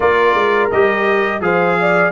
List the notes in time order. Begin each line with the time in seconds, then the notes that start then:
0.00 A#3 F4 A#4 D5
0.34 G#3
0.71 G3 G4 D#5
1.40 F3 G#4 C5 F5
1.80 D5